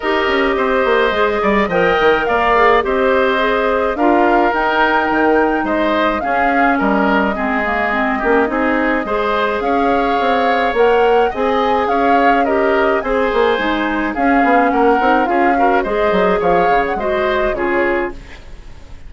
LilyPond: <<
  \new Staff \with { instrumentName = "flute" } { \time 4/4 \tempo 4 = 106 dis''2. g''4 | f''4 dis''2 f''4 | g''2 dis''4 f''4 | dis''1~ |
dis''4 f''2 fis''4 | gis''4 f''4 dis''4 gis''4~ | gis''4 f''4 fis''4 f''4 | dis''4 f''8. fis''16 dis''4 cis''4 | }
  \new Staff \with { instrumentName = "oboe" } { \time 4/4 ais'4 c''4. d''8 dis''4 | d''4 c''2 ais'4~ | ais'2 c''4 gis'4 | ais'4 gis'4. g'8 gis'4 |
c''4 cis''2. | dis''4 cis''4 ais'4 c''4~ | c''4 gis'4 ais'4 gis'8 ais'8 | c''4 cis''4 c''4 gis'4 | }
  \new Staff \with { instrumentName = "clarinet" } { \time 4/4 g'2 gis'4 ais'4~ | ais'8 gis'8 g'4 gis'4 f'4 | dis'2. cis'4~ | cis'4 c'8 ais8 c'8 cis'8 dis'4 |
gis'2. ais'4 | gis'2 g'4 gis'4 | dis'4 cis'4. dis'8 f'8 fis'8 | gis'2 fis'4 f'4 | }
  \new Staff \with { instrumentName = "bassoon" } { \time 4/4 dis'8 cis'8 c'8 ais8 gis8 g8 f8 dis8 | ais4 c'2 d'4 | dis'4 dis4 gis4 cis'4 | g4 gis4. ais8 c'4 |
gis4 cis'4 c'4 ais4 | c'4 cis'2 c'8 ais8 | gis4 cis'8 b8 ais8 c'8 cis'4 | gis8 fis8 f8 cis8 gis4 cis4 | }
>>